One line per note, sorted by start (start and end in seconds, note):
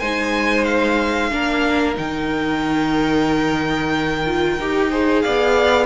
0.00 1.31 G#3
0.00 1.31 D#4
0.00 1.31 C5
0.00 0.65 G#5
0.65 1.95 F5
1.31 1.96 A#3
1.31 1.94 D4
1.31 4.91 A#4
1.94 4.59 D#3
1.94 4.22 D#4
1.94 5.21 G5
4.26 4.59 F4
4.60 5.25 D#4
4.60 4.91 G4
4.91 5.86 G#4
4.91 5.23 C5
5.21 5.86 B3
5.21 5.86 D5
5.21 5.86 F5